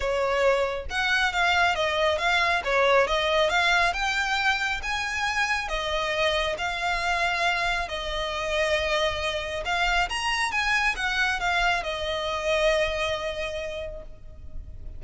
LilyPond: \new Staff \with { instrumentName = "violin" } { \time 4/4 \tempo 4 = 137 cis''2 fis''4 f''4 | dis''4 f''4 cis''4 dis''4 | f''4 g''2 gis''4~ | gis''4 dis''2 f''4~ |
f''2 dis''2~ | dis''2 f''4 ais''4 | gis''4 fis''4 f''4 dis''4~ | dis''1 | }